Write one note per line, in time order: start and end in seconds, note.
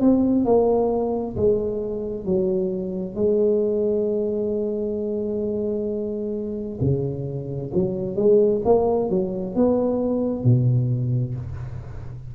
0.00 0.45 C4
0.45 1.36 A#3
1.36 2.25 G#3
2.25 3.14 F#3
3.14 6.78 G#3
6.81 7.71 C#3
7.74 8.16 F#3
8.16 8.61 G#3
8.64 9.10 A#3
9.10 9.55 F#3
9.55 10.43 B3
10.43 11.34 B2